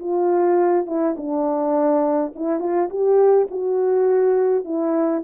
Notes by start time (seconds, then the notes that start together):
0.00 F4
0.87 E4
1.17 D4
2.36 E4
2.60 F4
2.90 G4
3.51 F#4
4.65 E4